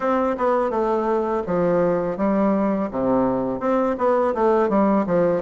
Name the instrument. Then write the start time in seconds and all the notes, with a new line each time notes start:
bassoon
0.00 C4
0.37 B3
0.70 A3
1.46 F3
2.17 G3
2.90 C3
3.59 C4
3.98 B3
4.34 A3
4.69 G3
5.06 F3